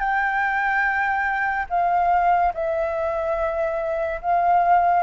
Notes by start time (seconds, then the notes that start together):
0.00 G5
1.70 F5
2.55 E5
4.22 F5